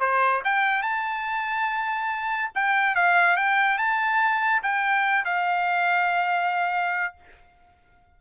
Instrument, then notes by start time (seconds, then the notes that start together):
trumpet
0.00 C5
0.44 G5
0.83 A5
2.55 G5
2.95 F5
3.36 G5
3.78 A5
4.63 G5
5.25 F5